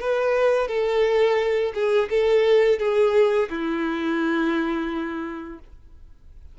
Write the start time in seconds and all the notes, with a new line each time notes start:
0.00 B4
0.68 A4
1.74 G#4
2.10 A4
2.79 G#4
3.49 E4